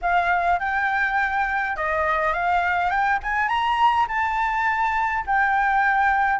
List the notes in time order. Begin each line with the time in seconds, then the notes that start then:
0.01 F5
0.59 G5
1.76 D#5
2.33 F5
2.90 G5
3.23 G#5
3.48 A#5
4.08 A5
5.26 G5